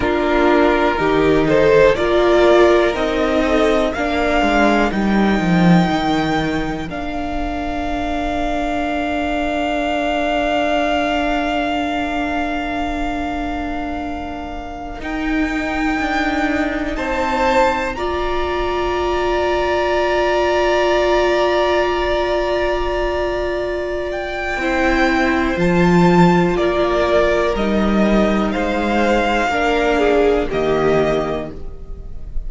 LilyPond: <<
  \new Staff \with { instrumentName = "violin" } { \time 4/4 \tempo 4 = 61 ais'4. c''8 d''4 dis''4 | f''4 g''2 f''4~ | f''1~ | f''2.~ f''16 g''8.~ |
g''4~ g''16 a''4 ais''4.~ ais''16~ | ais''1~ | ais''8 g''4. a''4 d''4 | dis''4 f''2 dis''4 | }
  \new Staff \with { instrumentName = "violin" } { \time 4/4 f'4 g'8 a'8 ais'4. a'8 | ais'1~ | ais'1~ | ais'1~ |
ais'4~ ais'16 c''4 d''4.~ d''16~ | d''1~ | d''4 c''2 ais'4~ | ais'4 c''4 ais'8 gis'8 g'4 | }
  \new Staff \with { instrumentName = "viola" } { \time 4/4 d'4 dis'4 f'4 dis'4 | d'4 dis'2 d'4~ | d'1~ | d'2.~ d'16 dis'8.~ |
dis'2~ dis'16 f'4.~ f'16~ | f'1~ | f'4 e'4 f'2 | dis'2 d'4 ais4 | }
  \new Staff \with { instrumentName = "cello" } { \time 4/4 ais4 dis4 ais4 c'4 | ais8 gis8 g8 f8 dis4 ais4~ | ais1~ | ais2.~ ais16 dis'8.~ |
dis'16 d'4 c'4 ais4.~ ais16~ | ais1~ | ais4 c'4 f4 ais4 | g4 gis4 ais4 dis4 | }
>>